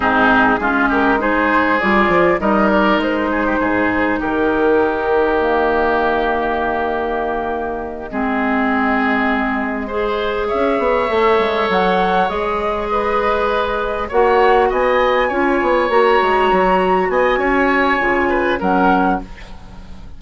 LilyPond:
<<
  \new Staff \with { instrumentName = "flute" } { \time 4/4 \tempo 4 = 100 gis'4. ais'8 c''4 d''4 | dis''8 d''8 c''2 ais'4~ | ais'4 dis''2.~ | dis''1~ |
dis''4. e''2 fis''8~ | fis''8 dis''2. fis''8~ | fis''8 gis''2 ais''4.~ | ais''8 gis''2~ gis''8 fis''4 | }
  \new Staff \with { instrumentName = "oboe" } { \time 4/4 dis'4 f'8 g'8 gis'2 | ais'4. gis'16 g'16 gis'4 g'4~ | g'1~ | g'4. gis'2~ gis'8~ |
gis'8 c''4 cis''2~ cis''8~ | cis''4. b'2 cis''8~ | cis''8 dis''4 cis''2~ cis''8~ | cis''8 dis''8 cis''4. b'8 ais'4 | }
  \new Staff \with { instrumentName = "clarinet" } { \time 4/4 c'4 cis'4 dis'4 f'4 | dis'1~ | dis'4 ais2.~ | ais4. c'2~ c'8~ |
c'8 gis'2 a'4.~ | a'8 gis'2. fis'8~ | fis'4. f'4 fis'4.~ | fis'2 f'4 cis'4 | }
  \new Staff \with { instrumentName = "bassoon" } { \time 4/4 gis,4 gis2 g8 f8 | g4 gis4 gis,4 dis4~ | dis1~ | dis4. gis2~ gis8~ |
gis4. cis'8 b8 a8 gis8 fis8~ | fis8 gis2. ais8~ | ais8 b4 cis'8 b8 ais8 gis8 fis8~ | fis8 b8 cis'4 cis4 fis4 | }
>>